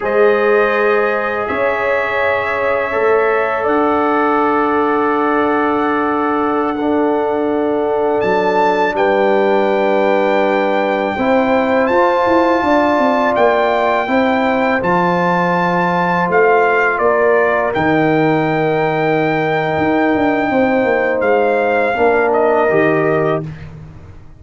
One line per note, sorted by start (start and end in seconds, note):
0.00 1.47 G#3
0.00 2.91 G#4
0.00 1.48 C5
0.00 1.47 D#5
1.47 2.94 C#4
1.47 3.64 C#5
1.47 3.66 E5
2.91 3.65 A3
2.91 6.75 A4
3.64 8.23 D4
3.64 6.75 D5
3.64 8.20 F#5
6.75 11.18 D4
6.75 8.94 A4
8.20 8.92 F#3
8.20 8.94 A5
8.92 11.12 G3
8.92 11.16 B4
8.92 11.86 G5
11.16 11.89 C4
11.16 11.91 E4
11.16 12.62 C5
11.86 12.25 F4
11.86 14.07 F4
11.86 13.33 A5
12.25 12.62 E4
12.62 12.98 D4
12.62 14.10 D5
12.98 13.35 C4
13.35 14.07 A#3
13.35 14.81 G5
14.07 14.80 C4
14.07 14.80 E4
14.07 17.01 C5
14.80 16.28 F3
14.80 17.73 F4
14.80 16.29 A5
16.28 16.98 A3
16.28 16.98 F5
16.98 17.71 A#3
16.98 20.49 A#4
16.98 17.71 D5
17.73 19.77 D#3
17.73 21.94 D#4
17.73 21.21 G5
19.77 20.14 D#4
20.14 20.50 D4
20.50 20.84 C4
20.50 21.97 C5
20.84 21.20 A#3
21.20 21.93 G#3
21.20 22.30 F5
21.95 22.69 A#3
21.95 22.68 D4
21.95 23.43 A#4
22.32 23.42 D#5
22.69 23.42 D#3
22.69 23.43 G4